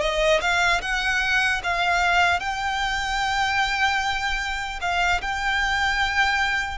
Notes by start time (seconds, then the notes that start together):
0.00 D#5
0.41 F5
0.81 F#5
1.64 F5
2.40 G5
4.81 F5
5.21 G5